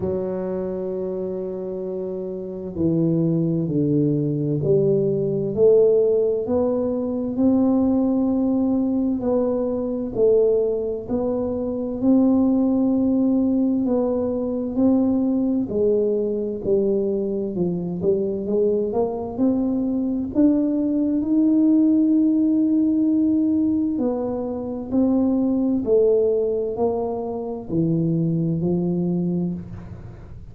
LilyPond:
\new Staff \with { instrumentName = "tuba" } { \time 4/4 \tempo 4 = 65 fis2. e4 | d4 g4 a4 b4 | c'2 b4 a4 | b4 c'2 b4 |
c'4 gis4 g4 f8 g8 | gis8 ais8 c'4 d'4 dis'4~ | dis'2 b4 c'4 | a4 ais4 e4 f4 | }